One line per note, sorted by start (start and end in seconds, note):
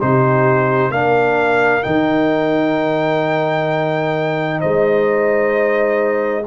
0.00 0.89 C3
0.00 0.92 D#4
0.00 0.92 G4
0.00 0.91 C5
0.89 1.82 A#3
0.89 1.81 D4
0.89 4.59 A#4
0.89 1.83 F5
1.81 4.62 D#3
1.81 6.43 D#4
1.81 4.60 G5
4.59 6.46 G#3
4.59 6.43 C5
4.59 6.45 D#5